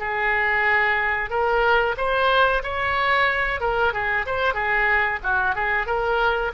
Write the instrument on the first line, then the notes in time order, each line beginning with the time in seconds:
oboe
0.00 G#4
1.30 A#4
1.97 C5
2.64 C#5
3.61 A#4
3.93 G#4
4.27 C5
4.54 G#4
5.24 F#4
5.56 G#4
5.87 A#4